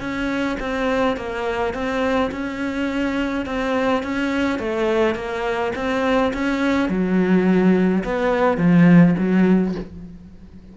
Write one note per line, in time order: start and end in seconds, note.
0.00 0.57 C#4
0.60 1.17 C4
1.17 1.74 A#3
1.74 2.31 C4
2.31 3.46 C#4
3.46 4.03 C4
4.03 4.59 C#4
4.59 5.15 A3
5.15 5.72 A#3
5.76 6.33 C4
6.33 6.89 C#4
6.89 8.03 F#3
8.04 8.57 B3
8.57 9.15 F3
9.18 9.75 F#3